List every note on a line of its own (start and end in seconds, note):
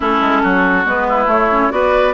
0.00 0.21 A3
0.00 0.85 C#4
0.00 0.42 E4
0.00 0.87 A4
0.21 0.42 G#3
0.43 0.85 F#3
0.43 1.07 F#4
0.85 1.26 G#3
0.85 1.26 B3
0.85 1.30 B4
1.08 1.72 E4
1.26 1.68 A3
1.26 1.47 A3
1.26 1.71 C#5
1.51 1.70 C#4
1.70 2.14 B3
1.70 2.13 F#4
1.70 2.14 B4
1.70 2.14 D5